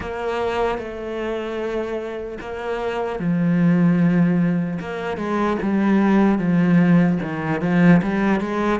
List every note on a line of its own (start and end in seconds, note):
0.00 0.78 A#3
0.78 2.38 A3
2.40 3.19 A#3
3.19 4.79 F3
4.80 5.17 A#3
5.17 5.57 G#3
5.62 6.38 G3
6.38 7.18 F3
7.22 7.61 D#3
7.61 8.01 F3
8.02 8.40 G3
8.40 8.80 G#3